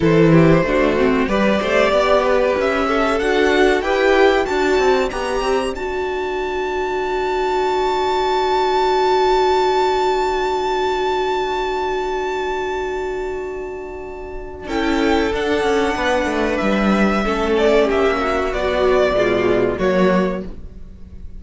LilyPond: <<
  \new Staff \with { instrumentName = "violin" } { \time 4/4 \tempo 4 = 94 c''2 d''2 | e''4 fis''4 g''4 a''4 | ais''4 a''2.~ | a''1~ |
a''1~ | a''2. g''4 | fis''2 e''4. d''8 | e''4 d''2 cis''4 | }
  \new Staff \with { instrumentName = "violin" } { \time 4/4 a'8 g'8 fis'4 b'8 c''8 d''8 b'8~ | b'8 a'4. b'4 d''4~ | d''1~ | d''1~ |
d''1~ | d''2. a'4~ | a'4 b'2 a'4 | g'8 fis'4. f'4 fis'4 | }
  \new Staff \with { instrumentName = "viola" } { \time 4/4 e'4 d'8 c'8 g'2~ | g'4 fis'4 g'4 fis'4 | g'4 fis'2.~ | fis'1~ |
fis'1~ | fis'2. e'4 | d'2. cis'4~ | cis'4 fis4 gis4 ais4 | }
  \new Staff \with { instrumentName = "cello" } { \time 4/4 e4 a4 g8 a8 b4 | cis'4 d'4 e'4 d'8 c'8 | b8 c'8 d'2.~ | d'1~ |
d'1~ | d'2. cis'4 | d'8 cis'8 b8 a8 g4 a4 | ais4 b4 b,4 fis4 | }
>>